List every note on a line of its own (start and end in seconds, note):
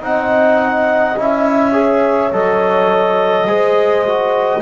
0.00 1.16 C4
0.00 1.15 D#4
0.00 1.73 D#5
0.00 1.18 F#5
1.17 2.31 C#4
1.17 1.72 E4
1.17 2.33 E5
1.72 2.30 G#4
1.72 3.46 C#5
2.31 3.47 F#3
2.31 3.47 A4
2.31 4.62 D#5
3.47 4.62 G#3
3.47 4.05 G#4
3.47 4.62 C5
4.05 4.62 F#4